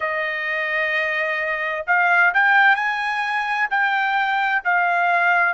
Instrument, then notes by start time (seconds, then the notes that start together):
trumpet
0.00 D#5
1.87 F5
2.33 G5
2.75 G#5
3.70 G5
4.64 F5